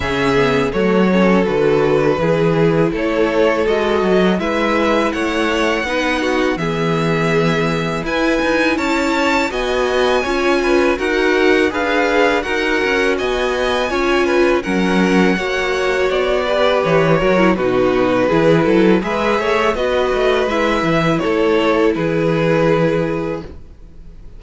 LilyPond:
<<
  \new Staff \with { instrumentName = "violin" } { \time 4/4 \tempo 4 = 82 e''4 cis''4 b'2 | cis''4 dis''4 e''4 fis''4~ | fis''4 e''2 gis''4 | a''4 gis''2 fis''4 |
f''4 fis''4 gis''2 | fis''2 d''4 cis''4 | b'2 e''4 dis''4 | e''4 cis''4 b'2 | }
  \new Staff \with { instrumentName = "violin" } { \time 4/4 gis'4 fis'8 a'4. gis'4 | a'2 b'4 cis''4 | b'8 fis'8 gis'2 b'4 | cis''4 dis''4 cis''8 b'8 ais'4 |
b'4 ais'4 dis''4 cis''8 b'8 | ais'4 cis''4. b'4 ais'8 | fis'4 gis'8 a'8 b'8 cis''8 b'4~ | b'4 a'4 gis'2 | }
  \new Staff \with { instrumentName = "viola" } { \time 4/4 cis'8 b8 a8 cis'8 fis'4 e'4~ | e'4 fis'4 e'2 | dis'4 b2 e'4~ | e'4 fis'4 f'4 fis'4 |
gis'4 fis'2 f'4 | cis'4 fis'4. g'4 fis'16 e'16 | dis'4 e'4 gis'4 fis'4 | e'1 | }
  \new Staff \with { instrumentName = "cello" } { \time 4/4 cis4 fis4 d4 e4 | a4 gis8 fis8 gis4 a4 | b4 e2 e'8 dis'8 | cis'4 b4 cis'4 dis'4 |
d'4 dis'8 cis'8 b4 cis'4 | fis4 ais4 b4 e8 fis8 | b,4 e8 fis8 gis8 a8 b8 a8 | gis8 e8 a4 e2 | }
>>